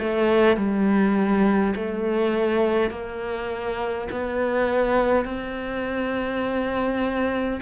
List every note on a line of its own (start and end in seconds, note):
0.00 0.57 A3
0.57 1.74 G3
1.75 2.90 A3
2.90 4.08 A#3
4.12 5.25 B3
5.25 7.60 C4